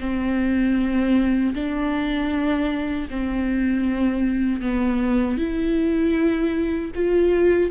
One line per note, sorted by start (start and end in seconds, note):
0.00 1.54 C4
1.54 3.08 D4
3.10 4.61 C4
4.61 5.37 B3
5.37 6.91 E4
6.94 7.70 F4